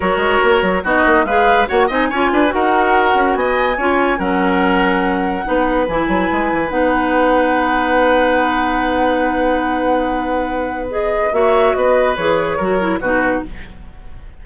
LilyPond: <<
  \new Staff \with { instrumentName = "flute" } { \time 4/4 \tempo 4 = 143 cis''2 dis''4 f''4 | fis''8 gis''4. fis''2 | gis''2 fis''2~ | fis''2 gis''2 |
fis''1~ | fis''1~ | fis''2 dis''4 e''4 | dis''4 cis''2 b'4 | }
  \new Staff \with { instrumentName = "oboe" } { \time 4/4 ais'2 fis'4 b'4 | cis''8 dis''8 cis''8 b'8 ais'2 | dis''4 cis''4 ais'2~ | ais'4 b'2.~ |
b'1~ | b'1~ | b'2. cis''4 | b'2 ais'4 fis'4 | }
  \new Staff \with { instrumentName = "clarinet" } { \time 4/4 fis'2 dis'4 gis'4 | fis'8 dis'8 f'4 fis'2~ | fis'4 f'4 cis'2~ | cis'4 dis'4 e'2 |
dis'1~ | dis'1~ | dis'2 gis'4 fis'4~ | fis'4 gis'4 fis'8 e'8 dis'4 | }
  \new Staff \with { instrumentName = "bassoon" } { \time 4/4 fis8 gis8 ais8 fis8 b8 ais8 gis4 | ais8 c'8 cis'8 d'8 dis'4. cis'8 | b4 cis'4 fis2~ | fis4 b4 e8 fis8 gis8 e8 |
b1~ | b1~ | b2. ais4 | b4 e4 fis4 b,4 | }
>>